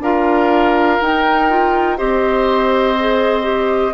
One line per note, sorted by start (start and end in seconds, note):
0.00 0.98 D4
0.00 1.01 F4
0.00 1.98 A#4
0.00 1.01 F5
1.01 1.99 D#4
1.01 1.50 D#4
1.01 1.98 G5
1.50 1.98 F4
1.98 3.94 C4
1.98 2.96 G4
1.98 3.94 C5
1.98 3.94 D#5
3.00 3.43 G#4
3.43 3.92 G4